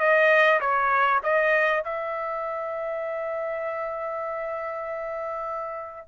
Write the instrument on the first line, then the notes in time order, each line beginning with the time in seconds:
trumpet
0.00 D#5
0.61 C#5
1.24 D#5
1.85 E5